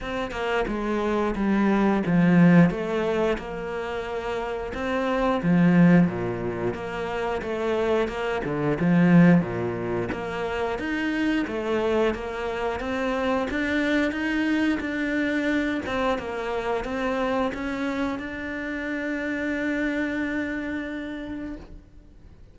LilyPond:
\new Staff \with { instrumentName = "cello" } { \time 4/4 \tempo 4 = 89 c'8 ais8 gis4 g4 f4 | a4 ais2 c'4 | f4 ais,4 ais4 a4 | ais8 d8 f4 ais,4 ais4 |
dis'4 a4 ais4 c'4 | d'4 dis'4 d'4. c'8 | ais4 c'4 cis'4 d'4~ | d'1 | }